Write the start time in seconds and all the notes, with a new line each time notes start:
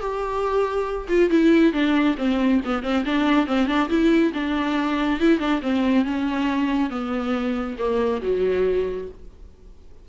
0.00 G4
1.09 F4
1.30 E4
1.73 D4
2.18 C4
2.65 B3
2.83 C4
3.05 D4
3.47 C4
3.67 D4
3.89 E4
4.34 D4
5.20 E4
5.39 D4
5.62 C4
6.05 C#4
6.90 B3
7.79 A#3
8.22 F#3